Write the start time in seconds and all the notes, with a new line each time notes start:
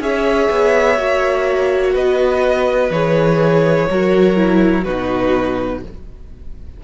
0.00 C#4 G#4 C#5 E5
0.50 B3
0.97 A#3 F#4
1.93 B3 B4 D#5
2.90 E3 G#4 C#5
3.90 F#3 F#4 A#4
4.36 E4
4.84 B2 D#4 F#4 B4